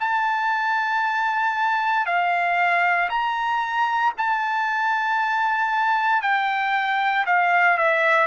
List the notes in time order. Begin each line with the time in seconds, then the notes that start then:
0.00 A5
2.06 F5
3.10 A#5
4.18 A5
6.22 G5
7.26 F5
7.78 E5